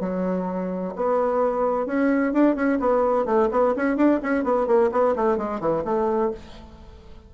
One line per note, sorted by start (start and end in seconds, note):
0.00 0.94 F#3
0.96 1.86 B3
1.86 2.33 C#4
2.33 2.55 D4
2.55 2.78 C#4
2.80 3.25 B3
3.25 3.49 A3
3.51 3.75 B3
3.76 3.96 C#4
3.96 4.20 D4
4.23 4.44 C#4
4.44 4.67 B3
4.67 4.90 A#3
4.92 5.15 B3
5.16 5.37 A3
5.37 5.60 G#3
5.60 5.83 E3
5.84 6.31 A3